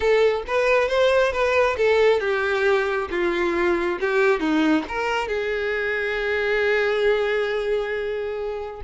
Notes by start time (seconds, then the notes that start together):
0.00 A4
0.47 B4
0.88 C5
1.32 B4
1.77 A4
2.20 G4
3.10 F4
4.00 G4
4.40 D#4
4.88 A#4
5.28 G#4